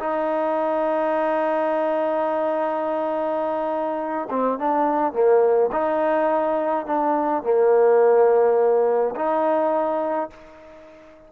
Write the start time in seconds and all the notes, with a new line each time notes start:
0.00 D#4
4.31 C4
4.59 D4
5.13 A#3
5.72 D#4
6.86 D4
7.44 A#3
9.16 D#4